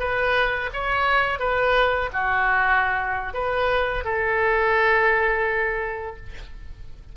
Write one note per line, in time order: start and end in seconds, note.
0.00 0.71 B4
0.73 1.40 C#5
1.40 2.10 B4
2.13 3.34 F#4
3.34 4.05 B4
4.05 6.17 A4